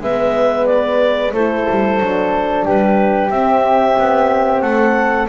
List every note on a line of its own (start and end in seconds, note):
0.00 1.32 G#3
0.00 1.34 B3
0.00 1.33 B4
0.00 0.66 E5
0.66 1.32 D5
1.33 1.66 A3
1.33 1.99 E4
1.33 2.65 A4
1.33 2.65 C5
1.70 2.00 G3
1.99 2.66 F#3
1.99 3.31 D4
2.65 3.30 G3
2.65 4.62 G4
2.65 3.30 B4
3.30 3.96 C4
3.30 5.28 C4
3.30 4.61 E5
3.98 4.62 B3
4.61 5.27 A3
4.61 5.28 A4
4.61 5.27 F#5